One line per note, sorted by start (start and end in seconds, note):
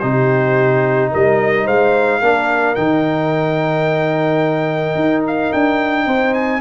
0.00 1.13 C3
0.00 2.23 D#4
0.00 1.11 G4
0.00 1.10 C5
1.11 1.67 G3
1.11 1.65 A#4
1.11 1.67 D#5
1.65 2.22 G#3
1.65 2.20 C5
1.65 2.75 F5
2.21 2.77 A#3
2.21 2.77 D4
2.21 6.06 A#4
2.75 4.96 D#3
2.75 6.61 D#4
2.75 5.23 G5
4.96 5.51 D#4
5.28 5.53 F5
5.53 6.07 D4
5.53 6.34 G5
6.06 6.61 C4
6.06 6.61 C5
6.34 6.61 G#5